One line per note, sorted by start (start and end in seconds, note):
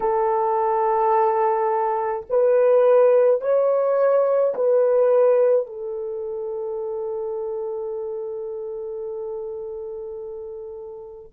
0.00 2.25 A4
2.30 3.41 B4
3.41 4.54 C#5
4.54 5.66 B4
5.66 11.32 A4